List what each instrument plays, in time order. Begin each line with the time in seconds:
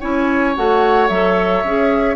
0.00 bassoon C#4, clarinet E4, oboe C#5, flute G#5
0.56 bassoon A3, clarinet F#4, flute F#5
1.09 bassoon F#3, clarinet A4, flute E5
1.64 bassoon C#4, clarinet G#4